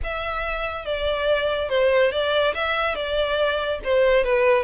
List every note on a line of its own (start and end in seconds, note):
0.03 0.85 E5
0.85 1.69 D5
1.69 2.11 C5
2.11 2.54 D5
2.54 2.95 E5
2.95 3.79 D5
3.84 4.24 C5
4.24 4.63 B4